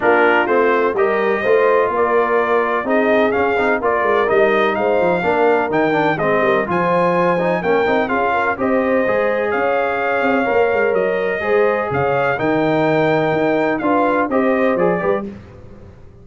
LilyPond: <<
  \new Staff \with { instrumentName = "trumpet" } { \time 4/4 \tempo 4 = 126 ais'4 c''4 dis''2 | d''2 dis''4 f''4 | d''4 dis''4 f''2 | g''4 dis''4 gis''2 |
g''4 f''4 dis''2 | f''2. dis''4~ | dis''4 f''4 g''2~ | g''4 f''4 dis''4 d''4 | }
  \new Staff \with { instrumentName = "horn" } { \time 4/4 f'2 ais'4 c''4 | ais'2 gis'2 | ais'2 c''4 ais'4~ | ais'4 gis'8 ais'8 c''2 |
ais'4 gis'8 ais'8 c''2 | cis''1 | c''4 cis''4 ais'2~ | ais'4 b'4 c''4. b'8 | }
  \new Staff \with { instrumentName = "trombone" } { \time 4/4 d'4 c'4 g'4 f'4~ | f'2 dis'4 cis'8 dis'8 | f'4 dis'2 d'4 | dis'8 d'8 c'4 f'4. dis'8 |
cis'8 dis'8 f'4 g'4 gis'4~ | gis'2 ais'2 | gis'2 dis'2~ | dis'4 f'4 g'4 gis'8 g'8 | }
  \new Staff \with { instrumentName = "tuba" } { \time 4/4 ais4 a4 g4 a4 | ais2 c'4 cis'8 c'8 | ais8 gis8 g4 gis8 f8 ais4 | dis4 gis8 g8 f2 |
ais8 c'8 cis'4 c'4 gis4 | cis'4. c'8 ais8 gis8 fis4 | gis4 cis4 dis2 | dis'4 d'4 c'4 f8 g8 | }
>>